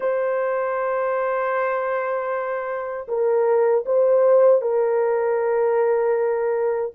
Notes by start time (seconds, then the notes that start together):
0.00 C5
3.08 A#4
3.85 C5
4.61 A#4